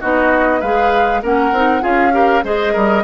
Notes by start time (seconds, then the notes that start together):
0.00 B3 D#4 F#4 D#5
0.59 G#3 G#4 B4 F5
1.22 A#3 C#4 A#4 F#5
1.51 C4 D#4
1.81 C#4 F4 G#4 F5
2.12 G4 A#4
2.43 G#3 G#4 C5 D#5
2.73 G3 A#4